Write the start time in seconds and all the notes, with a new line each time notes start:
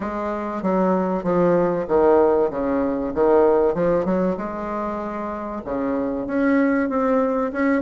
0.00 G#3
0.62 F#3
1.23 F3
1.88 D#3
2.50 C#3
3.14 D#3
3.74 F3
4.05 F#3
4.37 G#3
5.64 C#3
6.26 C#4
6.89 C4
7.52 C#4